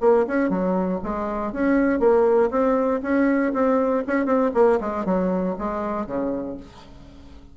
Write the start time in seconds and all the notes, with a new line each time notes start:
0.00 A#3
0.27 C#4
0.49 F#3
1.03 G#3
1.52 C#4
1.99 A#3
2.50 C4
3.02 C#4
3.53 C4
4.07 C#4
4.25 C4
4.54 A#3
4.80 G#3
5.05 F#3
5.58 G#3
6.06 C#3